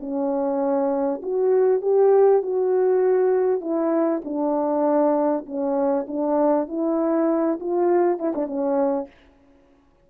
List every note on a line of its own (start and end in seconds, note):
0.00 1.21 C#4
1.22 1.82 F#4
1.82 2.42 G4
2.42 3.61 F#4
3.61 4.21 E4
4.24 5.45 D4
5.46 6.06 C#4
6.08 6.68 D4
6.68 7.59 E4
7.60 8.18 F4
8.18 8.34 E4
8.35 8.47 D4
8.47 9.07 C#4